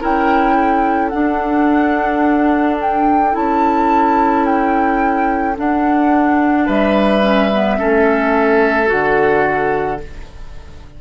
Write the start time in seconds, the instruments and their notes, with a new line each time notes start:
0.00 bassoon C#4, clarinet E4, oboe A#4, flute G5
0.56 oboe A4
1.09 clarinet D4, bassoon D4, flute F#5
2.81 flute G5
3.32 bassoon C#4, clarinet E4, flute A5
4.45 flute G5
5.56 clarinet D4, bassoon D4, flute F#5
6.66 bassoon G3, oboe B4, flute E5
7.22 clarinet C#4
7.53 clarinet B3
7.78 bassoon A3, clarinet C#4, oboe A4
8.86 bassoon D3, clarinet F#4, flute F#5